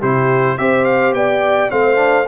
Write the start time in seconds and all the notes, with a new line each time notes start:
0.00 C3 E4 G4 C5
0.58 C4 G4 C5 E5
0.85 F5
1.13 B3 D5 G5
1.71 A3 C4 C5 F5
1.96 D4